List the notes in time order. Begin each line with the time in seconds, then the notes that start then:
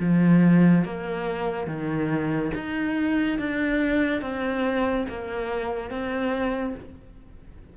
0.00 F3
0.85 A#3
1.67 D#3
2.55 D#4
3.38 D4
4.21 C4
5.09 A#3
5.90 C4